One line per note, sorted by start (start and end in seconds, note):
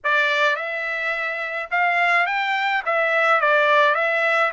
0.03 0.56 D5
0.56 1.69 E5
1.70 2.26 F5
2.26 2.83 G5
2.85 3.41 E5
3.41 3.94 D5
3.94 4.51 E5